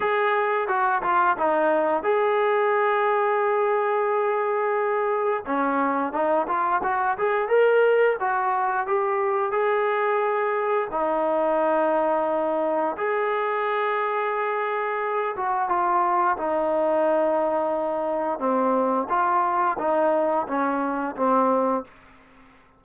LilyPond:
\new Staff \with { instrumentName = "trombone" } { \time 4/4 \tempo 4 = 88 gis'4 fis'8 f'8 dis'4 gis'4~ | gis'1 | cis'4 dis'8 f'8 fis'8 gis'8 ais'4 | fis'4 g'4 gis'2 |
dis'2. gis'4~ | gis'2~ gis'8 fis'8 f'4 | dis'2. c'4 | f'4 dis'4 cis'4 c'4 | }